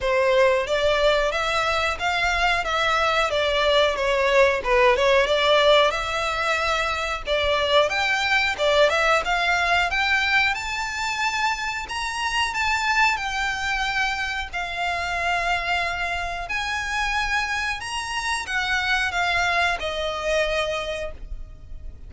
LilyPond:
\new Staff \with { instrumentName = "violin" } { \time 4/4 \tempo 4 = 91 c''4 d''4 e''4 f''4 | e''4 d''4 cis''4 b'8 cis''8 | d''4 e''2 d''4 | g''4 d''8 e''8 f''4 g''4 |
a''2 ais''4 a''4 | g''2 f''2~ | f''4 gis''2 ais''4 | fis''4 f''4 dis''2 | }